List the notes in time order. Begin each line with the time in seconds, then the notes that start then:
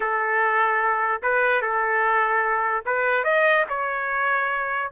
0.00 A4
1.22 B4
1.61 A4
2.85 B4
3.24 D#5
3.69 C#5